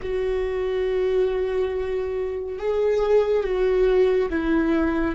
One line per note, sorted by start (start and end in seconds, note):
0.02 2.59 F#4
2.59 3.43 G#4
3.43 4.29 F#4
4.29 5.15 E4